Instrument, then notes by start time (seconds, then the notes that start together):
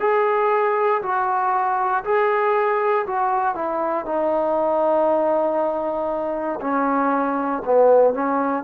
trombone
0.00 G#4
1.02 F#4
2.04 G#4
3.06 F#4
3.55 E4
4.05 D#4
6.61 C#4
7.65 B3
8.13 C#4